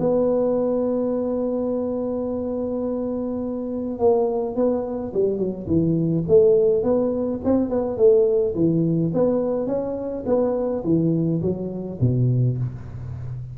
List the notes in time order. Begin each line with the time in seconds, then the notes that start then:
0.00 B3
3.99 A#3
4.56 B3
5.14 G3
5.38 F#3
5.67 E3
6.28 A3
6.84 B3
7.45 C4
7.70 B3
7.97 A3
8.55 E3
9.14 B3
9.67 C#4
10.26 B3
10.84 E3
11.42 F#3
12.01 B2